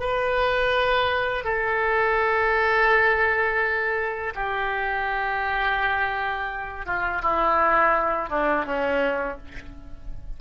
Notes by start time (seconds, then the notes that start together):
0.00 B4
1.44 A4
4.35 G4
6.86 F4
7.22 E4
8.30 D4
8.65 C#4